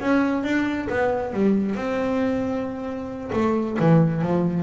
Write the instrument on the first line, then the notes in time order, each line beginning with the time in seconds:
double bass
0.00 C#4
0.43 D4
0.89 B3
1.33 G3
1.75 C4
3.33 A3
3.79 E3
4.21 F3